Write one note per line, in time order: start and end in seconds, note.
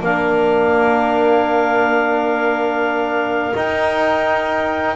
0.00 3.53 A#3
0.00 3.54 D4
0.00 4.95 A#4
0.00 3.56 F5
3.54 4.95 D#4
3.54 4.95 G5